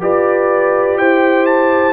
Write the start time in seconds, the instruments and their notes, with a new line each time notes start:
0.00 tuba F4, trombone G4, horn B4, trumpet D5
0.98 tuba E4, horn C5, trumpet G5
1.46 trumpet A5